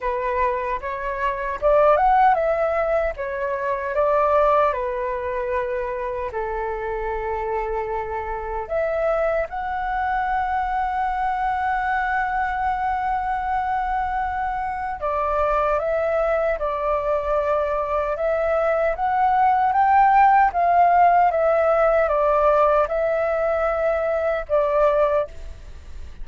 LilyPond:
\new Staff \with { instrumentName = "flute" } { \time 4/4 \tempo 4 = 76 b'4 cis''4 d''8 fis''8 e''4 | cis''4 d''4 b'2 | a'2. e''4 | fis''1~ |
fis''2. d''4 | e''4 d''2 e''4 | fis''4 g''4 f''4 e''4 | d''4 e''2 d''4 | }